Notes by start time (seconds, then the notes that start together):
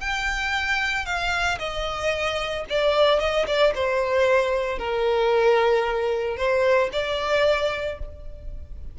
0.00 G5
1.06 F5
1.59 D#5
2.70 D5
3.20 D#5
3.47 D5
3.75 C5
4.79 A#4
6.37 C5
6.93 D5